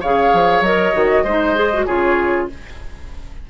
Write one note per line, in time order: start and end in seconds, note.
0.00 0.33 C#3
0.00 0.65 G#4
0.00 1.24 C#5
0.00 0.63 F5
0.33 0.61 F3
0.61 0.92 F#3
0.61 0.93 A#4
0.61 1.86 D#5
0.93 1.24 D#3
0.93 1.24 F#4
1.24 1.86 G#3
1.24 1.55 D#4
1.24 1.86 C5
1.55 1.71 G#4
1.73 1.87 F#4
1.86 2.50 C#3
1.86 2.49 F4
1.86 2.48 G#4
1.86 2.48 C#5